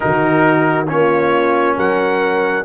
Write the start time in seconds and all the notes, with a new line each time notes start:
0.00 D#3 D#4 F#4 A#4
0.87 A#3 C#4 F4 C#5
1.76 F#3 A#4 F#5